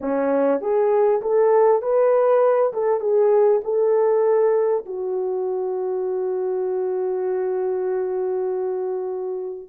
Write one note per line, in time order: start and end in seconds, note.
0.00 0.60 C#4
0.60 1.21 G#4
1.21 1.82 A4
1.82 2.72 B4
2.73 3.00 A4
3.00 3.61 G#4
3.64 4.85 A4
4.85 9.68 F#4